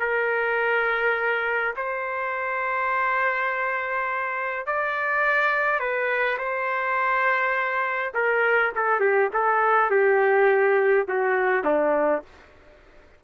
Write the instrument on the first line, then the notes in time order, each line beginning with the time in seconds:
trumpet
0.00 A#4
1.77 C5
4.67 D5
5.80 B4
6.38 C5
8.14 A#4
8.75 A4
9.01 G4
9.33 A4
9.91 G4
11.08 F#4
11.64 D4